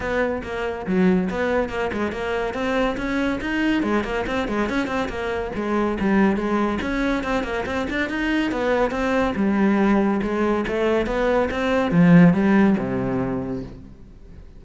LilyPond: \new Staff \with { instrumentName = "cello" } { \time 4/4 \tempo 4 = 141 b4 ais4 fis4 b4 | ais8 gis8 ais4 c'4 cis'4 | dis'4 gis8 ais8 c'8 gis8 cis'8 c'8 | ais4 gis4 g4 gis4 |
cis'4 c'8 ais8 c'8 d'8 dis'4 | b4 c'4 g2 | gis4 a4 b4 c'4 | f4 g4 c2 | }